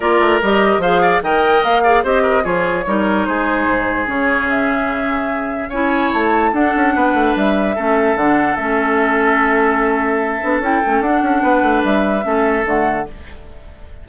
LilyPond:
<<
  \new Staff \with { instrumentName = "flute" } { \time 4/4 \tempo 4 = 147 d''4 dis''4 f''4 g''4 | f''4 dis''4 cis''2 | c''2 cis''4 e''4~ | e''2 gis''4 a''4 |
fis''2 e''2 | fis''4 e''2.~ | e''2 g''4 fis''4~ | fis''4 e''2 fis''4 | }
  \new Staff \with { instrumentName = "oboe" } { \time 4/4 ais'2 c''8 d''8 dis''4~ | dis''8 d''8 c''8 ais'8 gis'4 ais'4 | gis'1~ | gis'2 cis''2 |
a'4 b'2 a'4~ | a'1~ | a'1 | b'2 a'2 | }
  \new Staff \with { instrumentName = "clarinet" } { \time 4/4 f'4 g'4 gis'4 ais'4~ | ais'8 gis'8 g'4 f'4 dis'4~ | dis'2 cis'2~ | cis'2 e'2 |
d'2. cis'4 | d'4 cis'2.~ | cis'4. d'8 e'8 cis'8 d'4~ | d'2 cis'4 a4 | }
  \new Staff \with { instrumentName = "bassoon" } { \time 4/4 ais8 a8 g4 f4 dis4 | ais4 c'4 f4 g4 | gis4 gis,4 cis2~ | cis2 cis'4 a4 |
d'8 cis'8 b8 a8 g4 a4 | d4 a2.~ | a4. b8 cis'8 a8 d'8 cis'8 | b8 a8 g4 a4 d4 | }
>>